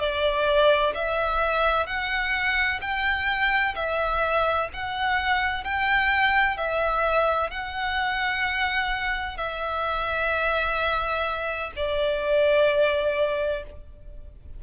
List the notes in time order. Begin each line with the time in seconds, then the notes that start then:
0.00 D5
0.95 E5
1.87 F#5
2.81 G5
3.75 E5
4.73 F#5
5.64 G5
6.58 E5
7.50 F#5
9.37 E5
11.76 D5